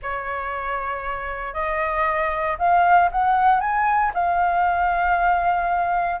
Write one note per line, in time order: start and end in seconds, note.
0.02 1.53 C#5
1.53 2.57 D#5
2.58 3.10 F5
3.11 3.60 F#5
3.60 4.12 G#5
4.14 6.20 F5